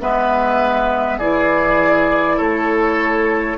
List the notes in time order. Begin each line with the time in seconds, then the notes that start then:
0.00 G#3 B3 B4 E5
1.18 E3 E4 G#4 D5
2.37 A3 A4 C#5